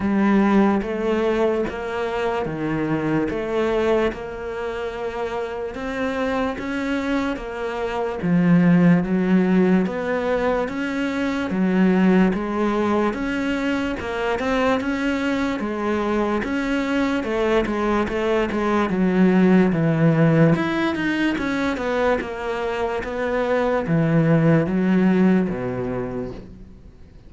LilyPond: \new Staff \with { instrumentName = "cello" } { \time 4/4 \tempo 4 = 73 g4 a4 ais4 dis4 | a4 ais2 c'4 | cis'4 ais4 f4 fis4 | b4 cis'4 fis4 gis4 |
cis'4 ais8 c'8 cis'4 gis4 | cis'4 a8 gis8 a8 gis8 fis4 | e4 e'8 dis'8 cis'8 b8 ais4 | b4 e4 fis4 b,4 | }